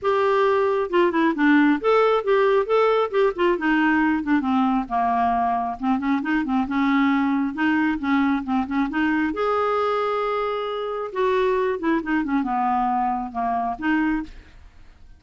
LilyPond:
\new Staff \with { instrumentName = "clarinet" } { \time 4/4 \tempo 4 = 135 g'2 f'8 e'8 d'4 | a'4 g'4 a'4 g'8 f'8 | dis'4. d'8 c'4 ais4~ | ais4 c'8 cis'8 dis'8 c'8 cis'4~ |
cis'4 dis'4 cis'4 c'8 cis'8 | dis'4 gis'2.~ | gis'4 fis'4. e'8 dis'8 cis'8 | b2 ais4 dis'4 | }